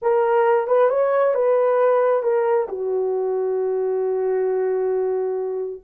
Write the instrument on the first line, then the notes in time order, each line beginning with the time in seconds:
horn
0.02 A#4
0.67 B4
0.89 C#5
1.34 B4
2.22 A#4
2.68 F#4